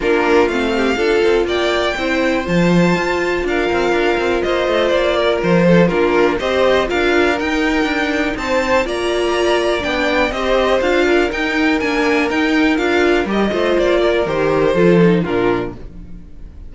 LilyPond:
<<
  \new Staff \with { instrumentName = "violin" } { \time 4/4 \tempo 4 = 122 ais'4 f''2 g''4~ | g''4 a''2 f''4~ | f''4 dis''4 d''4 c''4 | ais'4 dis''4 f''4 g''4~ |
g''4 a''4 ais''2 | g''4 dis''4 f''4 g''4 | gis''4 g''4 f''4 dis''4 | d''4 c''2 ais'4 | }
  \new Staff \with { instrumentName = "violin" } { \time 4/4 f'4. g'8 a'4 d''4 | c''2. ais'4~ | ais'4 c''4. ais'4 a'8 | f'4 c''4 ais'2~ |
ais'4 c''4 d''2~ | d''4 c''4. ais'4.~ | ais'2.~ ais'8 c''8~ | c''8 ais'4. a'4 f'4 | }
  \new Staff \with { instrumentName = "viola" } { \time 4/4 d'4 c'4 f'2 | e'4 f'2.~ | f'1 | d'4 g'4 f'4 dis'4~ |
dis'2 f'2 | d'4 g'4 f'4 dis'4 | d'4 dis'4 f'4 g'8 f'8~ | f'4 g'4 f'8 dis'8 d'4 | }
  \new Staff \with { instrumentName = "cello" } { \time 4/4 ais4 a4 d'8 c'8 ais4 | c'4 f4 f'4 d'8 c'8 | d'8 c'8 ais8 a8 ais4 f4 | ais4 c'4 d'4 dis'4 |
d'4 c'4 ais2 | b4 c'4 d'4 dis'4 | ais4 dis'4 d'4 g8 a8 | ais4 dis4 f4 ais,4 | }
>>